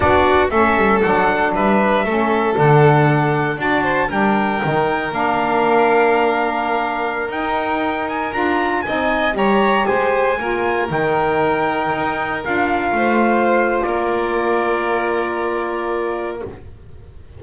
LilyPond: <<
  \new Staff \with { instrumentName = "trumpet" } { \time 4/4 \tempo 4 = 117 d''4 e''4 fis''4 e''4~ | e''4 fis''2 a''4 | g''2 f''2~ | f''2~ f''16 g''4. gis''16~ |
gis''16 ais''4 gis''4 ais''4 gis''8.~ | gis''4~ gis''16 g''2~ g''8.~ | g''16 f''2~ f''8. d''4~ | d''1 | }
  \new Staff \with { instrumentName = "violin" } { \time 4/4 fis'4 a'2 b'4 | a'2. d''8 c''8 | ais'1~ | ais'1~ |
ais'4~ ais'16 dis''4 cis''4 c''8.~ | c''16 ais'2.~ ais'8.~ | ais'4~ ais'16 c''4.~ c''16 ais'4~ | ais'1 | }
  \new Staff \with { instrumentName = "saxophone" } { \time 4/4 d'4 cis'4 d'2 | cis'4 d'2 fis'4 | d'4 dis'4 d'2~ | d'2~ d'16 dis'4.~ dis'16~ |
dis'16 f'4 dis'4 g'4.~ g'16~ | g'16 f'4 dis'2~ dis'8.~ | dis'16 f'2.~ f'8.~ | f'1 | }
  \new Staff \with { instrumentName = "double bass" } { \time 4/4 b4 a8 g8 fis4 g4 | a4 d2 d'4 | g4 dis4 ais2~ | ais2~ ais16 dis'4.~ dis'16~ |
dis'16 d'4 c'4 g4 gis8.~ | gis16 ais4 dis2 dis'8.~ | dis'16 d'4 a4.~ a16 ais4~ | ais1 | }
>>